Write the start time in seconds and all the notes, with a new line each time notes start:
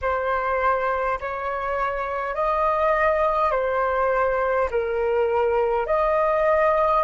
0.01 C5
1.20 C#5
2.35 D#5
3.51 C5
4.71 A#4
5.86 D#5